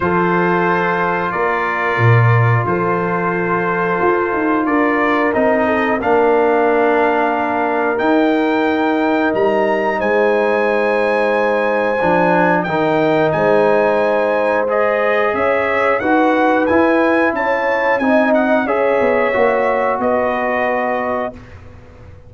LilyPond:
<<
  \new Staff \with { instrumentName = "trumpet" } { \time 4/4 \tempo 4 = 90 c''2 d''2 | c''2. d''4 | dis''4 f''2. | g''2 ais''4 gis''4~ |
gis''2. g''4 | gis''2 dis''4 e''4 | fis''4 gis''4 a''4 gis''8 fis''8 | e''2 dis''2 | }
  \new Staff \with { instrumentName = "horn" } { \time 4/4 a'2 ais'2 | a'2. ais'4~ | ais'8 a'8 ais'2.~ | ais'2. c''4~ |
c''2. ais'4 | c''2. cis''4 | b'2 cis''4 dis''4 | cis''2 b'2 | }
  \new Staff \with { instrumentName = "trombone" } { \time 4/4 f'1~ | f'1 | dis'4 d'2. | dis'1~ |
dis'2 d'4 dis'4~ | dis'2 gis'2 | fis'4 e'2 dis'4 | gis'4 fis'2. | }
  \new Staff \with { instrumentName = "tuba" } { \time 4/4 f2 ais4 ais,4 | f2 f'8 dis'8 d'4 | c'4 ais2. | dis'2 g4 gis4~ |
gis2 f4 dis4 | gis2. cis'4 | dis'4 e'4 cis'4 c'4 | cis'8 b8 ais4 b2 | }
>>